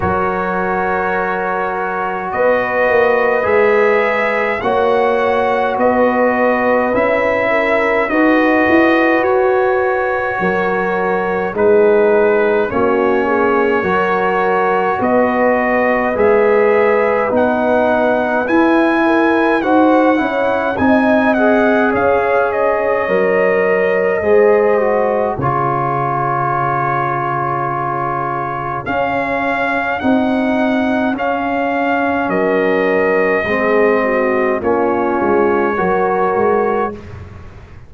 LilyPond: <<
  \new Staff \with { instrumentName = "trumpet" } { \time 4/4 \tempo 4 = 52 cis''2 dis''4 e''4 | fis''4 dis''4 e''4 dis''4 | cis''2 b'4 cis''4~ | cis''4 dis''4 e''4 fis''4 |
gis''4 fis''4 gis''8 fis''8 f''8 dis''8~ | dis''2 cis''2~ | cis''4 f''4 fis''4 f''4 | dis''2 cis''2 | }
  \new Staff \with { instrumentName = "horn" } { \time 4/4 ais'2 b'2 | cis''4 b'4. ais'8 b'4~ | b'4 ais'4 gis'4 fis'8 gis'8 | ais'4 b'2.~ |
b'8 ais'8 c''8 cis''8 dis''4 cis''4~ | cis''4 c''4 gis'2~ | gis'1 | ais'4 gis'8 fis'8 f'4 ais'4 | }
  \new Staff \with { instrumentName = "trombone" } { \time 4/4 fis'2. gis'4 | fis'2 e'4 fis'4~ | fis'2 dis'4 cis'4 | fis'2 gis'4 dis'4 |
e'4 fis'8 e'8 dis'8 gis'4. | ais'4 gis'8 fis'8 f'2~ | f'4 cis'4 dis'4 cis'4~ | cis'4 c'4 cis'4 fis'4 | }
  \new Staff \with { instrumentName = "tuba" } { \time 4/4 fis2 b8 ais8 gis4 | ais4 b4 cis'4 dis'8 e'8 | fis'4 fis4 gis4 ais4 | fis4 b4 gis4 b4 |
e'4 dis'8 cis'8 c'4 cis'4 | fis4 gis4 cis2~ | cis4 cis'4 c'4 cis'4 | fis4 gis4 ais8 gis8 fis8 gis8 | }
>>